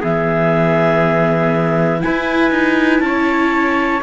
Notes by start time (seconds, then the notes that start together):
0.00 E3 B3 G#4 E5
2.00 E4 B4 G#5
2.06 E4
2.51 D#4
3.00 C#4 C#5 A5